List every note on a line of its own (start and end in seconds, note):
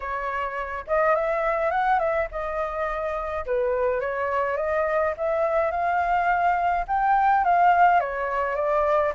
0.00 0.85 C#5
0.87 1.15 D#5
1.15 1.70 E5
1.70 1.99 F#5
1.99 2.27 E5
2.31 3.45 D#5
3.46 4.00 B4
4.00 4.56 C#5
4.56 5.14 D#5
5.17 5.71 E5
5.71 6.85 F5
6.87 7.44 G5
7.44 8.00 F5
8.00 8.55 C#5
8.55 9.12 D5